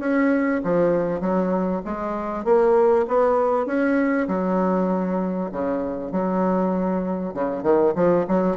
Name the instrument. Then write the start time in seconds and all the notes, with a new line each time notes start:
bassoon
0.00 C#4
0.64 F3
1.21 F#3
1.85 G#3
2.45 A#3
3.08 B3
3.67 C#4
4.28 F#3
5.52 C#3
6.13 F#3
7.34 C#3
7.63 D#3
7.96 F3
8.28 F#3